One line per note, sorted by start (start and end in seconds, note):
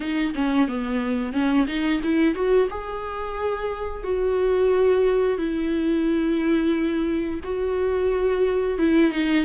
0.00 0.33 D#4
0.34 0.67 C#4
0.67 1.32 B3
1.32 1.66 C#4
1.67 2.01 D#4
2.03 2.34 E4
2.34 2.68 F#4
2.70 4.03 G#4
4.03 5.37 F#4
5.37 7.40 E4
7.43 8.78 F#4
8.78 9.11 E4
9.11 9.44 D#4